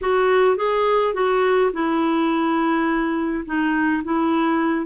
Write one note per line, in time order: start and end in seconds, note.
0.01 0.57 F#4
0.57 1.14 G#4
1.14 1.71 F#4
1.73 3.44 E4
3.45 4.02 D#4
4.04 4.85 E4